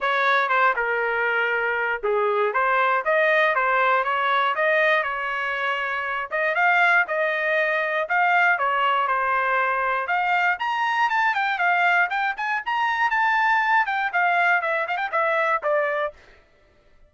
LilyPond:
\new Staff \with { instrumentName = "trumpet" } { \time 4/4 \tempo 4 = 119 cis''4 c''8 ais'2~ ais'8 | gis'4 c''4 dis''4 c''4 | cis''4 dis''4 cis''2~ | cis''8 dis''8 f''4 dis''2 |
f''4 cis''4 c''2 | f''4 ais''4 a''8 g''8 f''4 | g''8 gis''8 ais''4 a''4. g''8 | f''4 e''8 f''16 g''16 e''4 d''4 | }